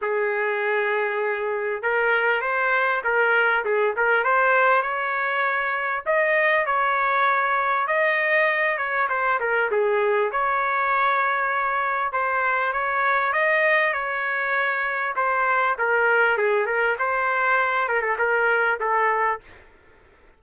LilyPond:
\new Staff \with { instrumentName = "trumpet" } { \time 4/4 \tempo 4 = 99 gis'2. ais'4 | c''4 ais'4 gis'8 ais'8 c''4 | cis''2 dis''4 cis''4~ | cis''4 dis''4. cis''8 c''8 ais'8 |
gis'4 cis''2. | c''4 cis''4 dis''4 cis''4~ | cis''4 c''4 ais'4 gis'8 ais'8 | c''4. ais'16 a'16 ais'4 a'4 | }